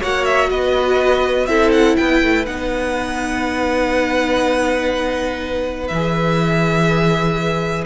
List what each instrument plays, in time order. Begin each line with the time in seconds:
0.00 cello A#3, viola F#4, violin C#5 F#5
0.25 violin E5
0.49 cello B3, violin B4 D#5
1.46 cello C4, viola E4, violin A4 E5
1.72 violin F#5
1.96 cello B3, violin B4 G5
2.22 cello A3
2.46 cello B3, viola D#4, violin F#5
5.88 cello E3, violin E5
5.94 viola G#4